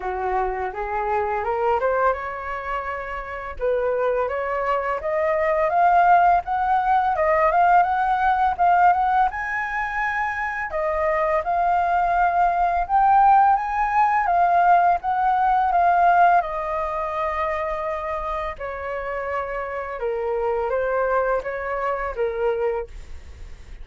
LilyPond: \new Staff \with { instrumentName = "flute" } { \time 4/4 \tempo 4 = 84 fis'4 gis'4 ais'8 c''8 cis''4~ | cis''4 b'4 cis''4 dis''4 | f''4 fis''4 dis''8 f''8 fis''4 | f''8 fis''8 gis''2 dis''4 |
f''2 g''4 gis''4 | f''4 fis''4 f''4 dis''4~ | dis''2 cis''2 | ais'4 c''4 cis''4 ais'4 | }